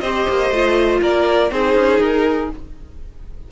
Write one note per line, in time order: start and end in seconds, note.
0.00 0.26 C4
0.00 0.53 G4
0.00 1.01 C5
0.00 0.99 D#5
0.29 0.51 A#3
0.51 1.00 A3
0.51 1.50 F4
1.01 1.51 A#3
1.01 1.51 A#4
1.01 1.52 D5
1.50 1.75 C4
1.50 2.49 D#4
1.50 2.51 G#4
1.50 2.00 C5
1.75 1.99 C#4
2.00 2.49 D#4
2.00 2.50 A#4